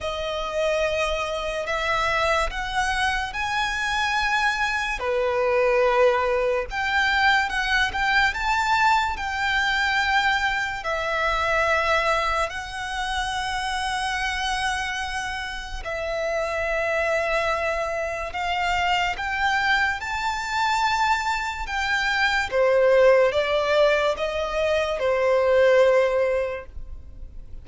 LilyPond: \new Staff \with { instrumentName = "violin" } { \time 4/4 \tempo 4 = 72 dis''2 e''4 fis''4 | gis''2 b'2 | g''4 fis''8 g''8 a''4 g''4~ | g''4 e''2 fis''4~ |
fis''2. e''4~ | e''2 f''4 g''4 | a''2 g''4 c''4 | d''4 dis''4 c''2 | }